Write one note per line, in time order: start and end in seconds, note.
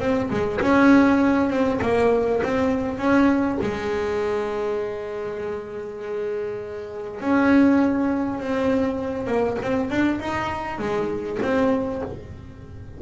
0.00 0.30 C4
0.31 0.61 G#3
0.61 1.51 C#4
1.51 1.81 C4
1.82 2.42 A#3
2.44 2.98 C4
2.98 3.58 C#4
3.62 7.21 G#3
7.21 8.41 C#4
8.41 9.28 C4
9.28 9.58 A#3
9.63 9.91 C4
9.91 10.20 D4
10.20 10.79 D#4
10.79 11.39 G#3
11.42 12.02 C4